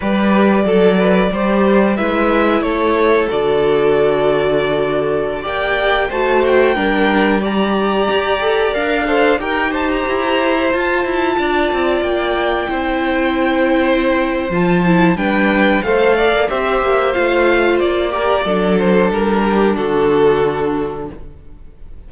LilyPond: <<
  \new Staff \with { instrumentName = "violin" } { \time 4/4 \tempo 4 = 91 d''2. e''4 | cis''4 d''2.~ | d''16 g''4 a''8 g''4. ais''8.~ | ais''4~ ais''16 f''4 g''8 a''16 ais''4~ |
ais''16 a''2 g''4.~ g''16~ | g''2 a''4 g''4 | f''4 e''4 f''4 d''4~ | d''8 c''8 ais'4 a'2 | }
  \new Staff \with { instrumentName = "violin" } { \time 4/4 b'4 a'8 b'8 c''4 b'4 | a'1~ | a'16 d''4 c''4 ais'4 d''8.~ | d''4.~ d''16 c''8 ais'8 c''4~ c''16~ |
c''4~ c''16 d''2 c''8.~ | c''2. b'4 | c''8 d''8 c''2~ c''8 ais'8 | a'4. g'8 fis'2 | }
  \new Staff \with { instrumentName = "viola" } { \time 4/4 g'4 a'4 g'4 e'4~ | e'4 fis'2.~ | fis'16 g'4 fis'4 d'4 g'8.~ | g'8. a'8 ais'8 a'8 g'4.~ g'16~ |
g'16 f'2. e'8.~ | e'2 f'8 e'8 d'4 | a'4 g'4 f'4. g'8 | d'1 | }
  \new Staff \with { instrumentName = "cello" } { \time 4/4 g4 fis4 g4 gis4 | a4 d2.~ | d16 ais4 a4 g4.~ g16~ | g16 g'4 d'4 dis'4 e'8.~ |
e'16 f'8 e'8 d'8 c'8 ais4 c'8.~ | c'2 f4 g4 | a8. ais16 c'8 ais8 a4 ais4 | fis4 g4 d2 | }
>>